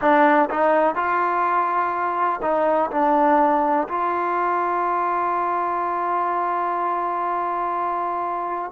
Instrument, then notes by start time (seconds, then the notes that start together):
trombone
0.00 D4
0.50 D#4
0.95 F4
2.41 D#4
2.90 D4
3.88 F4